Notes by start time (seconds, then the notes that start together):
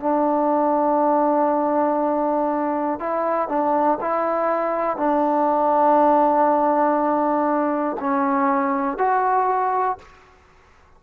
0.00 D4
3.00 E4
3.48 D4
4.01 E4
4.97 D4
8.00 C#4
8.98 F#4